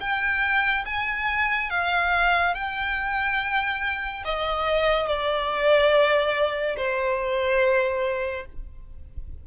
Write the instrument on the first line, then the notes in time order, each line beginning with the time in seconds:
violin
0.00 G5
0.85 G#5
1.70 F5
2.55 G5
4.24 D#5
5.07 D5
6.77 C5